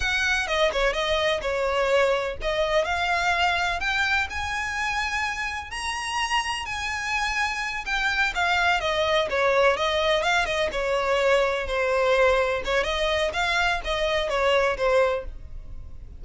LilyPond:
\new Staff \with { instrumentName = "violin" } { \time 4/4 \tempo 4 = 126 fis''4 dis''8 cis''8 dis''4 cis''4~ | cis''4 dis''4 f''2 | g''4 gis''2. | ais''2 gis''2~ |
gis''8 g''4 f''4 dis''4 cis''8~ | cis''8 dis''4 f''8 dis''8 cis''4.~ | cis''8 c''2 cis''8 dis''4 | f''4 dis''4 cis''4 c''4 | }